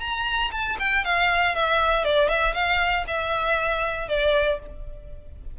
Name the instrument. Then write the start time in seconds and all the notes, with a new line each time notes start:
violin
0.00 A#5
0.52 A5
0.79 G5
1.04 F5
1.56 E5
2.05 D5
2.29 E5
2.54 F5
3.08 E5
4.08 D5